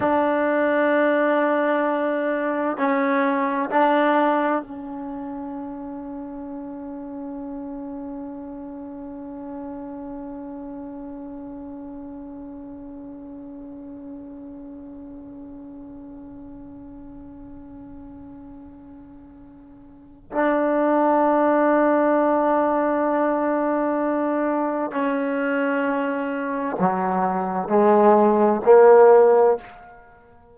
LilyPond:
\new Staff \with { instrumentName = "trombone" } { \time 4/4 \tempo 4 = 65 d'2. cis'4 | d'4 cis'2.~ | cis'1~ | cis'1~ |
cis'1~ | cis'2 d'2~ | d'2. cis'4~ | cis'4 fis4 gis4 ais4 | }